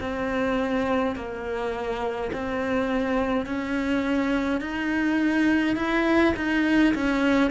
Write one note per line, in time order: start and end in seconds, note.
0.00 1.15 C4
1.15 2.31 A#3
2.33 3.46 C4
3.46 4.60 C#4
4.60 5.76 D#4
5.76 6.34 E4
6.36 6.94 D#4
6.94 7.51 C#4